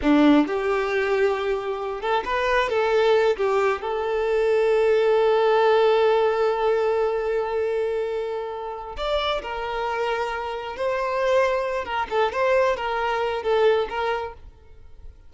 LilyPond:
\new Staff \with { instrumentName = "violin" } { \time 4/4 \tempo 4 = 134 d'4 g'2.~ | g'8 a'8 b'4 a'4. g'8~ | g'8 a'2.~ a'8~ | a'1~ |
a'1 | d''4 ais'2. | c''2~ c''8 ais'8 a'8 c''8~ | c''8 ais'4. a'4 ais'4 | }